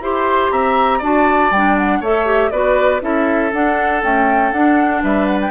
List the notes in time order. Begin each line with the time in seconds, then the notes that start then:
0.00 E4 G4 C5 C6
0.52 C4 E5 A#5
0.98 D4 F#4 D5 A5
1.51 G3 D4 G5
1.78 F#5
2.00 A3 A4 C#5 E5
2.26 G4
2.51 B3 F#4 B4 D5
3.00 C#4 E4 A4 E5
3.53 D4 F#5
4.03 A3 C#4 G5
4.52 D4 F#5
5.03 G3 B4 E5
5.26 F#5
5.41 G5